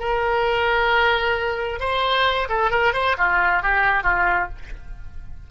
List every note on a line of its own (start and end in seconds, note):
0.00 1.80 A#4
1.80 2.48 C5
2.49 2.71 A4
2.71 2.93 A#4
2.94 3.16 C5
3.18 3.63 F4
3.63 4.04 G4
4.04 4.49 F4